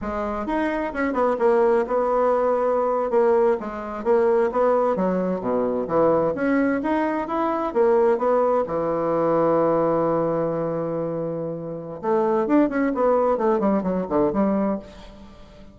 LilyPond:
\new Staff \with { instrumentName = "bassoon" } { \time 4/4 \tempo 4 = 130 gis4 dis'4 cis'8 b8 ais4 | b2~ b8. ais4 gis16~ | gis8. ais4 b4 fis4 b,16~ | b,8. e4 cis'4 dis'4 e'16~ |
e'8. ais4 b4 e4~ e16~ | e1~ | e2 a4 d'8 cis'8 | b4 a8 g8 fis8 d8 g4 | }